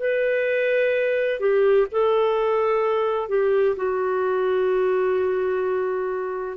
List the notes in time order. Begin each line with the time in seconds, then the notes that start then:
0.00 B4
1.40 G4
1.92 A4
3.29 G4
3.76 F#4